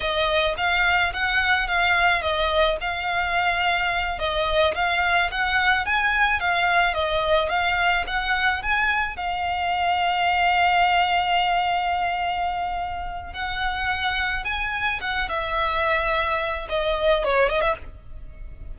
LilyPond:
\new Staff \with { instrumentName = "violin" } { \time 4/4 \tempo 4 = 108 dis''4 f''4 fis''4 f''4 | dis''4 f''2~ f''8 dis''8~ | dis''8 f''4 fis''4 gis''4 f''8~ | f''8 dis''4 f''4 fis''4 gis''8~ |
gis''8 f''2.~ f''8~ | f''1 | fis''2 gis''4 fis''8 e''8~ | e''2 dis''4 cis''8 dis''16 e''16 | }